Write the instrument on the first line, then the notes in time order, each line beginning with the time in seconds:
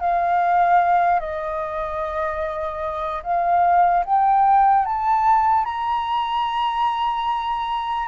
flute
0.00 F5
1.19 D#5
3.23 F5
4.05 G5
4.85 A5
5.65 A#5